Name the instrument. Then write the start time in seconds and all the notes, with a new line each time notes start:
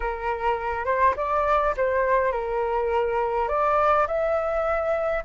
flute
0.00 A#4
0.85 C5
1.16 D5
1.76 C5
2.32 A#4
3.48 D5
4.07 E5